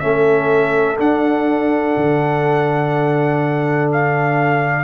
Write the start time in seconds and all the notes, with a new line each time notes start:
0.00 A3 C#4 A4 E5
0.99 D4 F#5
1.97 D3
3.92 F5